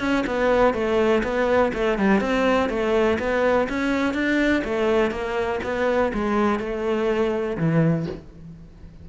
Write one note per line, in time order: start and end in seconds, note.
0.00 0.24 C#4
0.27 0.74 B3
0.74 1.23 A3
1.23 1.72 B3
1.74 1.98 A3
1.98 2.21 G3
2.21 2.70 C4
2.70 3.18 A3
3.19 3.68 B3
3.69 4.14 C#4
4.14 4.63 D4
4.65 5.11 A3
5.11 5.60 A#3
5.63 6.12 B3
6.14 6.60 G#3
6.60 7.57 A3
7.58 8.06 E3